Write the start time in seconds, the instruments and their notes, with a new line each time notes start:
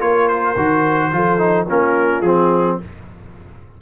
0.00 tuba A#3, trombone F4, horn A#4, trumpet C#5
0.28 trumpet C5
0.57 tuba D#3, trombone F#4
1.12 tuba F3, trombone F4, horn A4
1.38 trombone D#4
1.68 tuba A#3, trombone C#4, horn F4, trumpet A#4
2.22 tuba F3, trombone C4, trumpet G#4